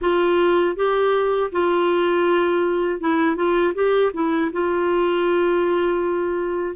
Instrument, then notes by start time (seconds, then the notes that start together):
clarinet
0.01 F4
0.75 G4
1.52 F4
3.00 E4
3.36 F4
3.74 G4
4.13 E4
4.52 F4